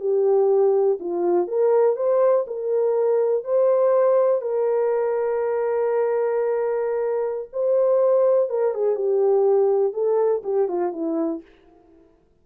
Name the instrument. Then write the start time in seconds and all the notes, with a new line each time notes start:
horn
0.00 G4
1.00 F4
1.48 A#4
1.96 C5
2.47 A#4
3.44 C5
4.42 A#4
7.53 C5
8.50 A#4
8.75 G#4
8.96 G4
9.93 A4
10.44 G4
10.69 F4
10.93 E4